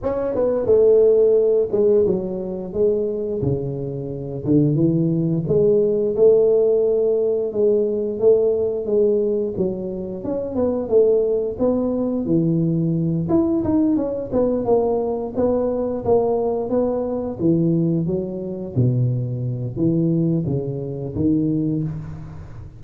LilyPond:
\new Staff \with { instrumentName = "tuba" } { \time 4/4 \tempo 4 = 88 cis'8 b8 a4. gis8 fis4 | gis4 cis4. d8 e4 | gis4 a2 gis4 | a4 gis4 fis4 cis'8 b8 |
a4 b4 e4. e'8 | dis'8 cis'8 b8 ais4 b4 ais8~ | ais8 b4 e4 fis4 b,8~ | b,4 e4 cis4 dis4 | }